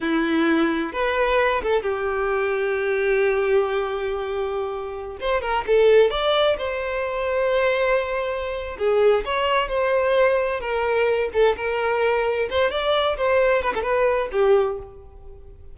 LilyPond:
\new Staff \with { instrumentName = "violin" } { \time 4/4 \tempo 4 = 130 e'2 b'4. a'8 | g'1~ | g'2.~ g'16 c''8 ais'16~ | ais'16 a'4 d''4 c''4.~ c''16~ |
c''2. gis'4 | cis''4 c''2 ais'4~ | ais'8 a'8 ais'2 c''8 d''8~ | d''8 c''4 b'16 a'16 b'4 g'4 | }